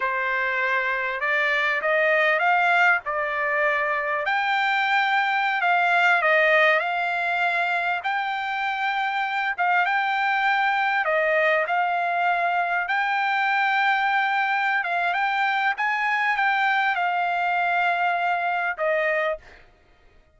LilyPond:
\new Staff \with { instrumentName = "trumpet" } { \time 4/4 \tempo 4 = 99 c''2 d''4 dis''4 | f''4 d''2 g''4~ | g''4~ g''16 f''4 dis''4 f''8.~ | f''4~ f''16 g''2~ g''8 f''16~ |
f''16 g''2 dis''4 f''8.~ | f''4~ f''16 g''2~ g''8.~ | g''8 f''8 g''4 gis''4 g''4 | f''2. dis''4 | }